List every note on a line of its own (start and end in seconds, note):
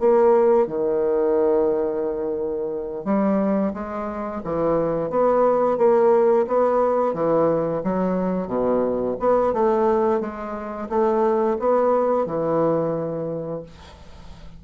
0.00 0.67 A#3
0.67 3.05 D#3
3.05 3.73 G3
3.74 4.42 G#3
4.44 5.10 E3
5.10 5.78 B3
5.78 6.46 A#3
6.47 7.14 B3
7.14 7.82 E3
7.84 8.48 F#3
8.48 9.16 B2
9.20 9.54 B3
9.54 10.21 A3
10.21 10.89 G#3
10.90 11.58 A3
11.60 12.26 B3
12.26 13.63 E3